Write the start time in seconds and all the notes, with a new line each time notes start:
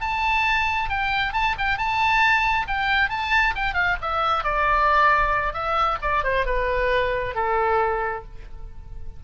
0.00 A5
0.89 G5
1.33 A5
1.58 G5
1.77 A5
2.67 G5
3.09 A5
3.55 G5
3.74 F5
4.01 E5
4.43 D5
5.53 E5
6.01 D5
6.23 C5
6.46 B4
7.35 A4